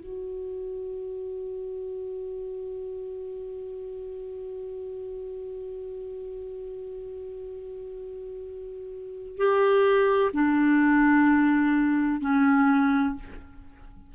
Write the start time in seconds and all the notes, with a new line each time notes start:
0.00 F#4
9.38 G4
10.34 D4
12.21 C#4